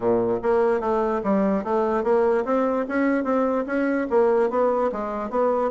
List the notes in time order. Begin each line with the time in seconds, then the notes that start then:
0.00 A#2
0.42 A#3
0.80 A3
1.23 G3
1.63 A3
2.03 A#3
2.44 C4
2.88 C#4
3.24 C4
3.66 C#4
4.09 A#3
4.50 B3
4.91 G#3
5.30 B3